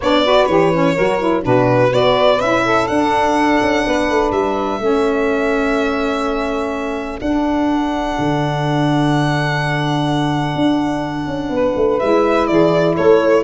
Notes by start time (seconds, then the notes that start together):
0.00 B3 D4 C#5 D5
0.24 F#4 B4
0.46 E3 G4 C#5
0.72 C#4
0.94 F#3 F#4 A#4
1.19 E4
1.42 B2 D4 F#4 B4
1.89 B3 F#4 B4 D5
2.40 C#4 E4 E5
2.64 A4
2.87 D4 F#5
3.61 C#4
3.85 B3 B4
4.09 A3
4.31 G3 E5
4.79 A3 C#4 A4
7.20 D4 F#5
8.18 D3
10.55 D4
11.26 C#4
11.49 B3 B4
11.76 A3
11.99 G#3 E4 E5
12.47 E3 G#4 D5
12.95 A3 A4 C#5